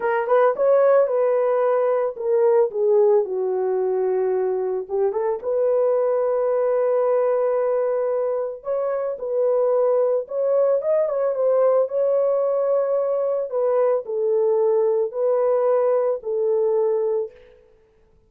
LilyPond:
\new Staff \with { instrumentName = "horn" } { \time 4/4 \tempo 4 = 111 ais'8 b'8 cis''4 b'2 | ais'4 gis'4 fis'2~ | fis'4 g'8 a'8 b'2~ | b'1 |
cis''4 b'2 cis''4 | dis''8 cis''8 c''4 cis''2~ | cis''4 b'4 a'2 | b'2 a'2 | }